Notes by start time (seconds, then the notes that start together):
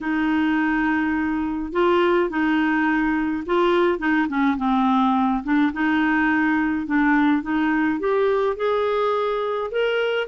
0.01 D#4
1.72 F4
2.29 D#4
3.45 F4
3.98 D#4
4.28 C#4
4.57 C4
5.43 D4
5.72 D#4
6.86 D4
7.42 D#4
7.99 G4
8.56 G#4
9.71 A#4